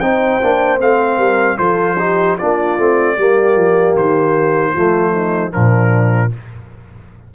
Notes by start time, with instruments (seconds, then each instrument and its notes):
0.00 tuba C4, trombone D#4, horn C5, trumpet G5
0.43 tuba A#3, trombone D4
0.79 tuba A3, trombone C4, trumpet F5
1.18 tuba G3, horn A#4
1.58 tuba F3, trombone F4, horn A4, trumpet C5
1.99 trombone D#4, horn G4
2.38 tuba A#3, trombone D4, horn F4, trumpet D5
2.78 tuba A3, trombone C4
3.18 tuba G3, trombone A#3, horn G4
3.56 tuba F3
3.96 tuba D#3, trumpet C5
4.74 tuba F3, trombone A3, horn F4
5.13 horn D#4
5.51 tuba A#2, trombone F3, horn D4, trumpet A#4